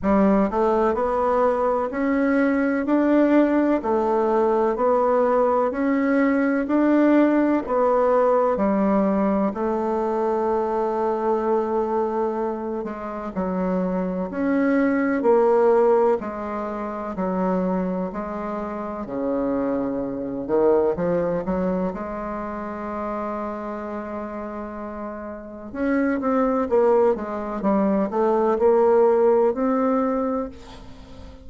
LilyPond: \new Staff \with { instrumentName = "bassoon" } { \time 4/4 \tempo 4 = 63 g8 a8 b4 cis'4 d'4 | a4 b4 cis'4 d'4 | b4 g4 a2~ | a4. gis8 fis4 cis'4 |
ais4 gis4 fis4 gis4 | cis4. dis8 f8 fis8 gis4~ | gis2. cis'8 c'8 | ais8 gis8 g8 a8 ais4 c'4 | }